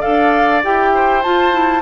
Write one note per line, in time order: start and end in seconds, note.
0.00 0.65 D4
0.00 0.61 A4
0.00 0.90 D5
0.00 0.61 F5
0.63 1.24 E4
0.63 1.23 G4
0.63 1.22 G5
0.94 1.82 C5
1.22 1.52 F4
1.22 1.82 F4
1.22 1.82 A5
1.52 1.81 E4